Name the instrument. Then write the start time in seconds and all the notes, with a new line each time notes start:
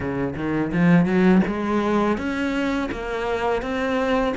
cello
0.00 C#3
0.35 D#3
0.72 F3
1.05 F#3
1.47 G#3
2.17 C#4
2.91 A#3
3.61 C4